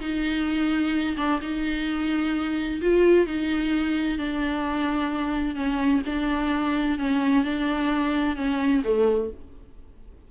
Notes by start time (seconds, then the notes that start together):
0.00 D#4
1.17 D4
1.41 D#4
2.81 F4
3.26 D#4
4.18 D4
5.55 C#4
6.06 D4
6.99 C#4
7.44 D4
8.36 C#4
8.84 A3